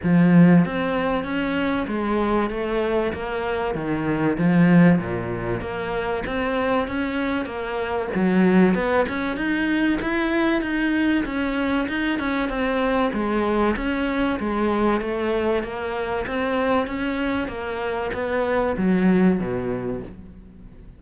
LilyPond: \new Staff \with { instrumentName = "cello" } { \time 4/4 \tempo 4 = 96 f4 c'4 cis'4 gis4 | a4 ais4 dis4 f4 | ais,4 ais4 c'4 cis'4 | ais4 fis4 b8 cis'8 dis'4 |
e'4 dis'4 cis'4 dis'8 cis'8 | c'4 gis4 cis'4 gis4 | a4 ais4 c'4 cis'4 | ais4 b4 fis4 b,4 | }